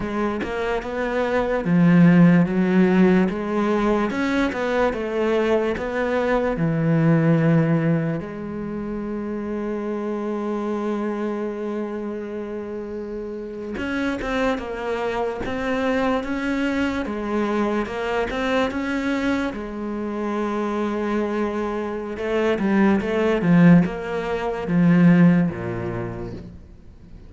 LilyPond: \new Staff \with { instrumentName = "cello" } { \time 4/4 \tempo 4 = 73 gis8 ais8 b4 f4 fis4 | gis4 cis'8 b8 a4 b4 | e2 gis2~ | gis1~ |
gis8. cis'8 c'8 ais4 c'4 cis'16~ | cis'8. gis4 ais8 c'8 cis'4 gis16~ | gis2. a8 g8 | a8 f8 ais4 f4 ais,4 | }